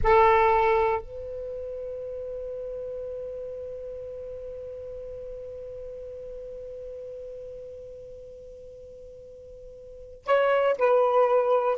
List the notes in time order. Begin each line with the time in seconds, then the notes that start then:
0.03 A4
1.01 B4
10.25 C#5
10.78 B4